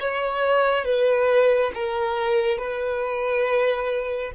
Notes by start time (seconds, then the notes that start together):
0.00 C#5
0.85 B4
1.74 A#4
2.58 B4